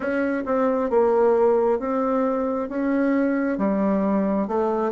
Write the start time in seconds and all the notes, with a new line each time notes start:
0.00 C#4
0.45 C4
0.90 A#3
1.79 C4
2.69 C#4
3.57 G3
4.47 A3